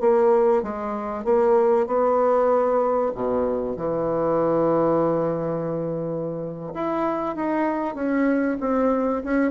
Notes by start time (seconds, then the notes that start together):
0.00 A#3
0.62 G#3
1.24 A#3
1.86 B3
3.14 B2
3.76 E3
6.74 E4
7.35 D#4
7.95 C#4
8.60 C4
9.24 C#4